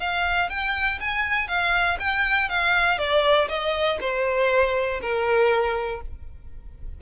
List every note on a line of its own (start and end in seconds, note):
0.00 0.50 F5
0.50 1.00 G5
1.00 1.48 G#5
1.48 1.98 F5
2.00 2.49 G5
2.49 2.98 F5
2.98 3.48 D5
3.49 3.99 D#5
4.01 5.01 C5
5.01 6.01 A#4